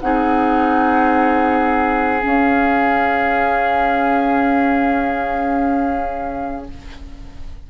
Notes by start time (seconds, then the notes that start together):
0.00 C4 D#4 G#4 F#5
2.20 C#4 F5